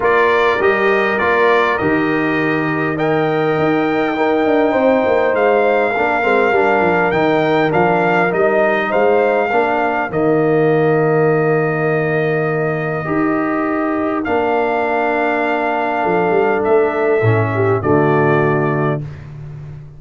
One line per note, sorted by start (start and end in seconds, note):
0.00 0.58 A#3
0.00 0.58 F4
0.00 2.95 A#4
0.00 0.62 D5
0.59 1.18 G3
0.59 1.19 G4
0.59 1.18 D#5
1.18 1.78 A#3
1.18 1.78 F4
1.18 1.77 D5
1.78 3.58 D#3
1.78 2.97 G4
1.78 2.97 D#5
2.95 4.15 A#4
2.95 4.14 D#5
2.95 5.35 G5
3.58 4.45 D#4
4.15 5.93 D#4
4.15 4.71 A#4
4.45 4.74 D4
4.71 5.04 C4
4.71 5.90 C5
5.05 5.33 A#3
5.33 5.93 G#3
5.33 7.11 F5
5.90 6.23 A#3
5.90 6.22 D4
5.90 8.87 A#4
6.22 6.51 G#3
6.22 6.52 C4
6.51 6.80 G3
6.51 7.13 D4
6.80 7.10 F3
7.11 7.71 D#3
7.11 7.69 D#4
7.11 7.70 G5
7.69 8.32 F3
7.69 8.29 D4
7.69 8.32 F5
8.30 8.92 G3
8.30 9.49 D#4
8.30 8.91 D#5
8.89 9.51 G#3
8.89 9.47 C5
8.89 10.10 F5
9.47 10.09 A#3
9.47 10.09 D4
9.47 16.01 A#4
10.09 13.06 D#3
10.09 13.04 A#3
10.09 14.24 D#5
13.04 14.25 D#4
13.04 14.23 G4
14.24 16.05 A#3
14.24 17.21 D4
14.24 16.62 F5
16.01 16.30 F3
16.01 17.50 A4
16.30 16.60 G3
16.64 17.21 A3
16.64 17.81 E5
17.21 17.81 A2
17.21 17.82 C#4
17.54 17.81 G4
17.81 19.01 D3
17.81 19.01 A3
17.81 19.00 F#4
17.81 19.00 D5